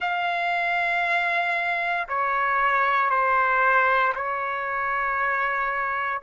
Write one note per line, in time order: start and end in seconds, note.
0.00 2.07 F5
2.08 3.09 C#5
3.09 4.13 C5
4.15 6.22 C#5